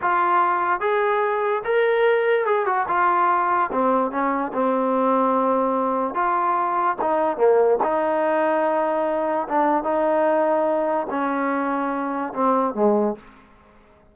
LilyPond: \new Staff \with { instrumentName = "trombone" } { \time 4/4 \tempo 4 = 146 f'2 gis'2 | ais'2 gis'8 fis'8 f'4~ | f'4 c'4 cis'4 c'4~ | c'2. f'4~ |
f'4 dis'4 ais4 dis'4~ | dis'2. d'4 | dis'2. cis'4~ | cis'2 c'4 gis4 | }